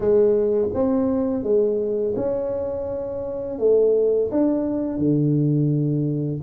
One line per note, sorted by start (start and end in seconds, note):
0.00 0.68 G#3
0.73 1.43 C4
1.43 2.14 G#3
2.16 3.58 C#4
3.58 4.30 A3
4.31 4.98 D4
4.98 6.41 D3